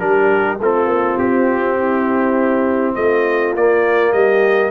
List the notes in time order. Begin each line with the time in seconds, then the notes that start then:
0.00 G3 D4 A#4
0.06 G4
0.60 A3 C4 F4 A4
0.87 A#3
1.19 C4 G4
1.78 E4
2.95 A3 F4 D#5
3.55 A#3 D5
4.13 G3 G4 D#5